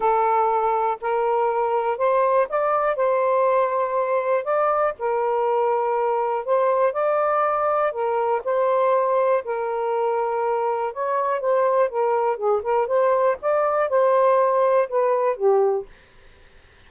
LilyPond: \new Staff \with { instrumentName = "saxophone" } { \time 4/4 \tempo 4 = 121 a'2 ais'2 | c''4 d''4 c''2~ | c''4 d''4 ais'2~ | ais'4 c''4 d''2 |
ais'4 c''2 ais'4~ | ais'2 cis''4 c''4 | ais'4 gis'8 ais'8 c''4 d''4 | c''2 b'4 g'4 | }